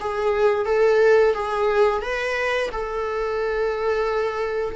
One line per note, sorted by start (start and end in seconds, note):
0.00 0.65 G#4
0.65 1.34 A4
1.34 2.02 G#4
2.02 2.70 B4
2.72 4.76 A4